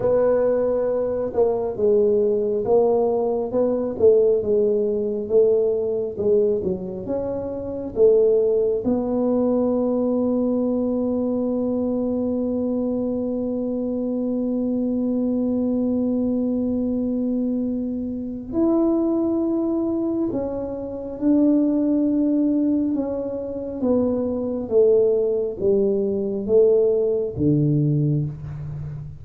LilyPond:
\new Staff \with { instrumentName = "tuba" } { \time 4/4 \tempo 4 = 68 b4. ais8 gis4 ais4 | b8 a8 gis4 a4 gis8 fis8 | cis'4 a4 b2~ | b1~ |
b1~ | b4 e'2 cis'4 | d'2 cis'4 b4 | a4 g4 a4 d4 | }